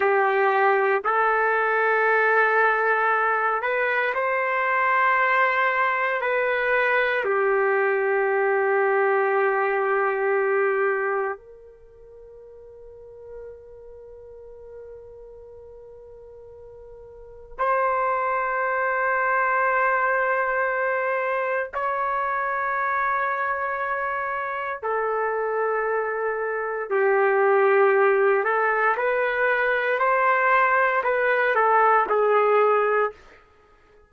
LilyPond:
\new Staff \with { instrumentName = "trumpet" } { \time 4/4 \tempo 4 = 58 g'4 a'2~ a'8 b'8 | c''2 b'4 g'4~ | g'2. ais'4~ | ais'1~ |
ais'4 c''2.~ | c''4 cis''2. | a'2 g'4. a'8 | b'4 c''4 b'8 a'8 gis'4 | }